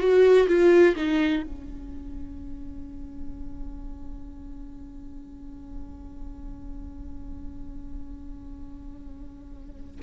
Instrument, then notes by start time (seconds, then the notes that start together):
viola
0.00 F#4
0.48 F4
0.97 D#4
1.44 C#4